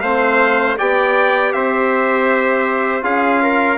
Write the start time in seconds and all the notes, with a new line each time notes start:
0.00 A3 C4 C5 F5
0.77 B3 G4 D5 G5
1.52 C4 C5 E5
3.01 C#4 F4 G#4 F5
3.42 A#4